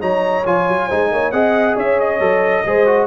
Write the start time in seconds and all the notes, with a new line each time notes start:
0.00 F#3 D#4 C#5 A#5
0.46 F3 F4 G#5
0.68 F#3
0.86 G#3 D#4 C5
1.11 A#3 C#5
1.31 C4 G#4 D#5 F#5
1.76 C#4 C#5 E5
2.00 D#5
2.19 F#3 A4
2.65 G#3 G#4 C5
2.86 F#4